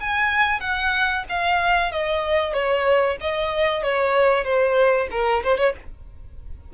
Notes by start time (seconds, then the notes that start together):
0.00 G#5
0.60 F#5
1.29 F5
1.92 D#5
2.53 C#5
3.20 D#5
3.83 C#5
4.44 C5
5.11 A#4
5.43 C5
5.58 C#5